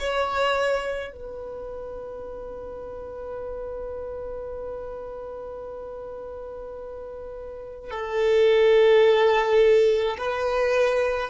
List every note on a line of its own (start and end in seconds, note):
0.00 1.13 C#5
1.13 7.91 B4
7.91 10.17 A4
10.18 11.31 B4